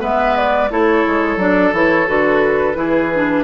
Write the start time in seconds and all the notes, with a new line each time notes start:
0.00 G#3 B3 B4 E5
0.37 D5
0.70 A3 E4 A4 C#5
1.07 G#3
1.37 F#3 D4 D5
1.73 E3 E4 C#5
2.07 D3 F#4 B4
2.74 E3 E4 G#4
3.15 D4